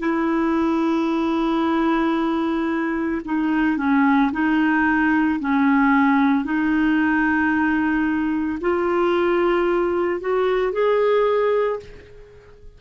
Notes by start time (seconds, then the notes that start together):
0.00 E4
3.25 D#4
3.77 C#4
4.32 D#4
5.40 C#4
6.45 D#4
8.61 F4
10.20 F#4
10.72 G#4